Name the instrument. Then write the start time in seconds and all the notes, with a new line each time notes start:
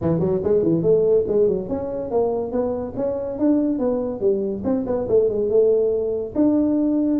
tuba
0.01 E3
0.19 F#3
0.43 G#3
0.63 E3
0.82 A3
1.27 G#3
1.48 F#3
1.68 C#4
2.10 A#3
2.51 B3
2.96 C#4
3.39 D4
3.78 B3
4.20 G3
4.64 C4
4.86 B3
5.08 A3
5.29 G#3
5.49 A3
6.35 D4